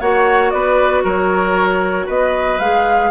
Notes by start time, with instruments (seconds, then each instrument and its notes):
0.00 bassoon A#3, clarinet F#4, oboe C#5, flute F#5
0.50 bassoon B3, oboe B4, flute D5
1.03 bassoon F#3, oboe A#4, flute C#5
2.06 bassoon B3, oboe B4, flute D#5
2.59 bassoon G#3, clarinet G#4, flute F5